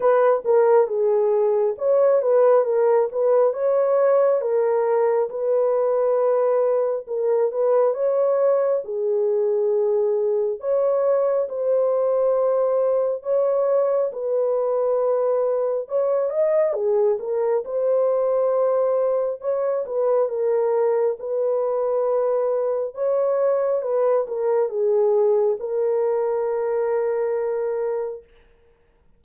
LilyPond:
\new Staff \with { instrumentName = "horn" } { \time 4/4 \tempo 4 = 68 b'8 ais'8 gis'4 cis''8 b'8 ais'8 b'8 | cis''4 ais'4 b'2 | ais'8 b'8 cis''4 gis'2 | cis''4 c''2 cis''4 |
b'2 cis''8 dis''8 gis'8 ais'8 | c''2 cis''8 b'8 ais'4 | b'2 cis''4 b'8 ais'8 | gis'4 ais'2. | }